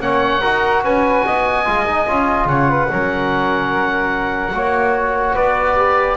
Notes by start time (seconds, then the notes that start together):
0.00 A#3 C#4 C#5 F#5
0.40 D#4 F#4 A#4
0.83 C#4 B4 G#5
1.25 B3 D#5
1.65 G#3 F4
1.86 D#4
2.07 C#4 F4
2.45 C#3 C#5 F#5
2.69 B4
2.88 F#3 C#4 A#4
4.53 A#3 F#4 C#5
5.34 B3 B4 D5
5.76 G4